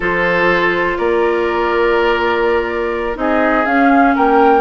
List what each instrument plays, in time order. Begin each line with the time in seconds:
0.00 bassoon F3, clarinet F4, oboe A4, flute C5
0.97 bassoon A#3, oboe A#4, flute D5
3.15 bassoon C4, clarinet D#4, oboe G#4, flute D#5
3.65 bassoon C#4, clarinet C#4, flute F5
4.15 bassoon A#3, oboe A#4, flute G5